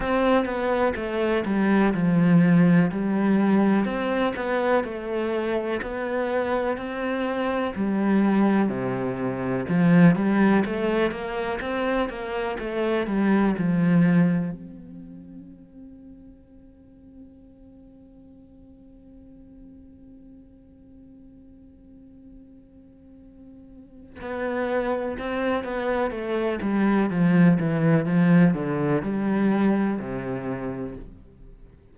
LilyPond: \new Staff \with { instrumentName = "cello" } { \time 4/4 \tempo 4 = 62 c'8 b8 a8 g8 f4 g4 | c'8 b8 a4 b4 c'4 | g4 c4 f8 g8 a8 ais8 | c'8 ais8 a8 g8 f4 c'4~ |
c'1~ | c'1~ | c'4 b4 c'8 b8 a8 g8 | f8 e8 f8 d8 g4 c4 | }